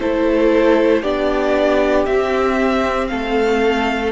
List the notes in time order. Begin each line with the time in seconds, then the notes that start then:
0.00 A3 E4 A4 C5
1.02 B3 D4 G4 D5
2.06 C4 E5
3.07 A3 A4 F5